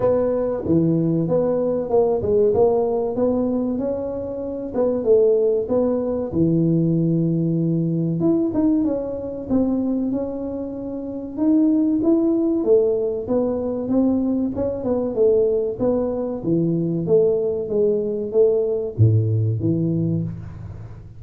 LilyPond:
\new Staff \with { instrumentName = "tuba" } { \time 4/4 \tempo 4 = 95 b4 e4 b4 ais8 gis8 | ais4 b4 cis'4. b8 | a4 b4 e2~ | e4 e'8 dis'8 cis'4 c'4 |
cis'2 dis'4 e'4 | a4 b4 c'4 cis'8 b8 | a4 b4 e4 a4 | gis4 a4 a,4 e4 | }